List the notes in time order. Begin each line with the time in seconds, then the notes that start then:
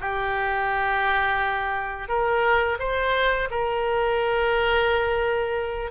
0.00 G4
2.08 A#4
2.79 C5
3.50 A#4